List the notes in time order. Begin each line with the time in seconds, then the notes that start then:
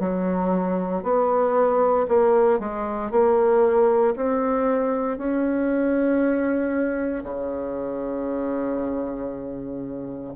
0.00 F#3
1.03 B3
2.09 A#3
2.60 G#3
3.11 A#3
4.16 C4
5.18 C#4
7.24 C#3